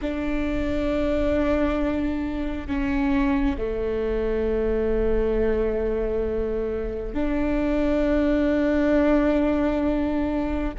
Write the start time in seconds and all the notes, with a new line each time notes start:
0.01 D4
2.67 C#4
3.57 A3
7.14 D4